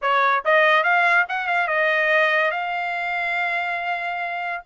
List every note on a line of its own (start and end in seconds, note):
0.01 0.43 C#5
0.44 0.83 D#5
0.83 1.25 F5
1.28 1.47 F#5
1.47 1.67 F5
1.67 2.51 D#5
2.51 4.62 F5